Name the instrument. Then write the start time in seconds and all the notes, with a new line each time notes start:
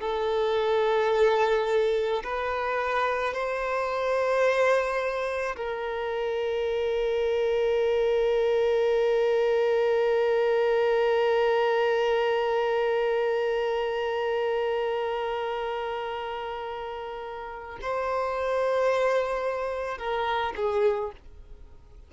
violin
0.00 A4
2.23 B4
3.33 C5
5.56 A#4
17.81 C5
19.97 A#4
20.56 G#4